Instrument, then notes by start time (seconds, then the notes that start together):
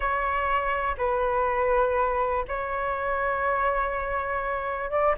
flute
0.00 C#5
0.97 B4
2.47 C#5
4.90 D5